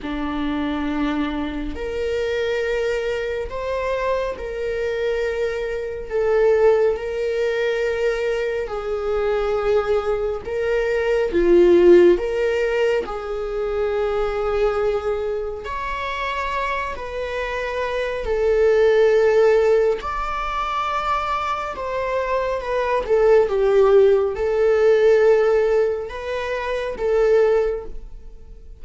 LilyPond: \new Staff \with { instrumentName = "viola" } { \time 4/4 \tempo 4 = 69 d'2 ais'2 | c''4 ais'2 a'4 | ais'2 gis'2 | ais'4 f'4 ais'4 gis'4~ |
gis'2 cis''4. b'8~ | b'4 a'2 d''4~ | d''4 c''4 b'8 a'8 g'4 | a'2 b'4 a'4 | }